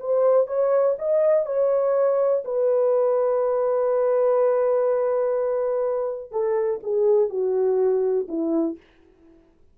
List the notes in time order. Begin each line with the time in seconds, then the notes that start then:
0.00 C5
0.47 C#5
0.99 D#5
1.46 C#5
2.45 B4
6.31 A4
6.83 G#4
7.29 F#4
8.28 E4